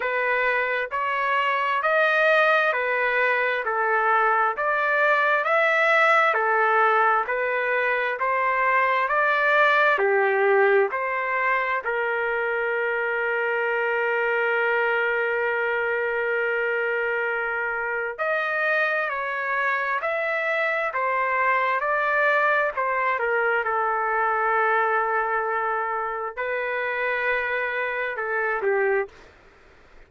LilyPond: \new Staff \with { instrumentName = "trumpet" } { \time 4/4 \tempo 4 = 66 b'4 cis''4 dis''4 b'4 | a'4 d''4 e''4 a'4 | b'4 c''4 d''4 g'4 | c''4 ais'2.~ |
ais'1 | dis''4 cis''4 e''4 c''4 | d''4 c''8 ais'8 a'2~ | a'4 b'2 a'8 g'8 | }